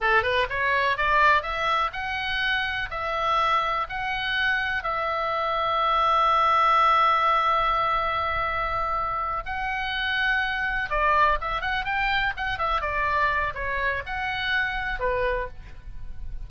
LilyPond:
\new Staff \with { instrumentName = "oboe" } { \time 4/4 \tempo 4 = 124 a'8 b'8 cis''4 d''4 e''4 | fis''2 e''2 | fis''2 e''2~ | e''1~ |
e''2.~ e''8 fis''8~ | fis''2~ fis''8 d''4 e''8 | fis''8 g''4 fis''8 e''8 d''4. | cis''4 fis''2 b'4 | }